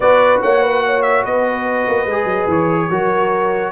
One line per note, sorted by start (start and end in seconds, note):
0.00 0.40 B3
0.00 2.08 F#4
0.00 0.41 B4
0.00 0.40 D5
0.41 1.25 A#3
0.41 0.62 C#5
0.41 1.02 F#5
0.62 0.82 B4
0.85 1.23 C#5
1.02 1.23 E5
1.23 1.87 B3
1.23 2.88 B4
1.23 2.49 D#5
1.88 2.05 A#3
2.05 2.24 G#3
2.05 2.90 G#4
2.24 2.45 F#3
2.47 2.88 E3
2.47 3.71 C#5
2.89 3.71 F#3
2.89 3.71 F#4
2.89 3.71 A#4